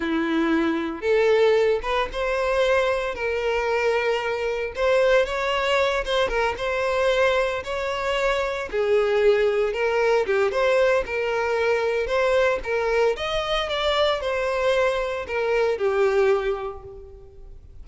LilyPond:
\new Staff \with { instrumentName = "violin" } { \time 4/4 \tempo 4 = 114 e'2 a'4. b'8 | c''2 ais'2~ | ais'4 c''4 cis''4. c''8 | ais'8 c''2 cis''4.~ |
cis''8 gis'2 ais'4 g'8 | c''4 ais'2 c''4 | ais'4 dis''4 d''4 c''4~ | c''4 ais'4 g'2 | }